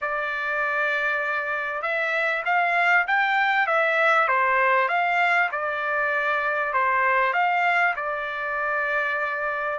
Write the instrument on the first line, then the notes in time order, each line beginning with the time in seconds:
trumpet
0.01 D5
1.82 E5
2.45 F5
3.07 G5
3.67 E5
4.27 C5
4.88 F5
5.51 D5
6.73 C5
7.33 F5
7.96 D5